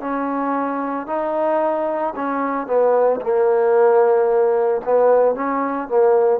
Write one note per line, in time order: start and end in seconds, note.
0.00 1.06 C#4
1.06 2.13 D#4
2.15 2.66 C#4
2.66 3.20 B3
3.20 4.81 A#3
4.84 5.35 B3
5.35 5.88 C#4
5.88 6.39 A#3